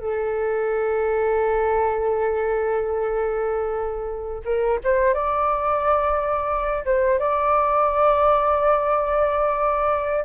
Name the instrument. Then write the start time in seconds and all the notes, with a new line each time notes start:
flute
0.00 A4
4.45 A#4
4.84 C5
5.14 D5
6.86 C5
7.20 D5